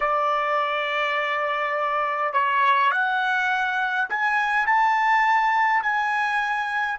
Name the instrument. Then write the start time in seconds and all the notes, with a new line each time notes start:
trumpet
0.00 D5
2.33 C#5
2.91 F#5
4.09 G#5
4.66 A5
5.82 G#5